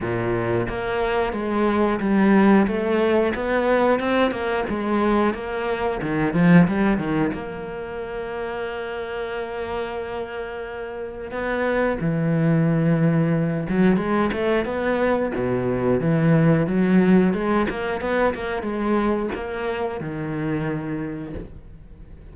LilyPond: \new Staff \with { instrumentName = "cello" } { \time 4/4 \tempo 4 = 90 ais,4 ais4 gis4 g4 | a4 b4 c'8 ais8 gis4 | ais4 dis8 f8 g8 dis8 ais4~ | ais1~ |
ais4 b4 e2~ | e8 fis8 gis8 a8 b4 b,4 | e4 fis4 gis8 ais8 b8 ais8 | gis4 ais4 dis2 | }